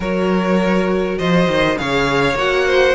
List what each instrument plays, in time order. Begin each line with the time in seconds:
0.00 cello F#3, viola F#4, violin A#4 C#5
1.18 cello F3, violin C5 D#5
1.47 cello D#3
1.76 cello C#3, viola G#4, violin C#5 F5
2.34 cello A#3, viola F#4, violin F#5
2.67 violin C5